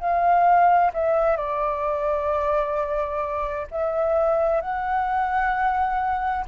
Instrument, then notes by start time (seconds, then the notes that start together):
flute
0.00 F5
0.94 E5
1.37 D5
3.71 E5
4.61 F#5